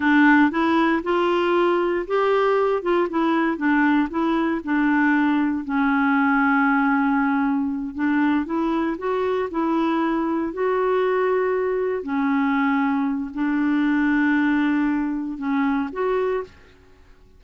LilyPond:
\new Staff \with { instrumentName = "clarinet" } { \time 4/4 \tempo 4 = 117 d'4 e'4 f'2 | g'4. f'8 e'4 d'4 | e'4 d'2 cis'4~ | cis'2.~ cis'8 d'8~ |
d'8 e'4 fis'4 e'4.~ | e'8 fis'2. cis'8~ | cis'2 d'2~ | d'2 cis'4 fis'4 | }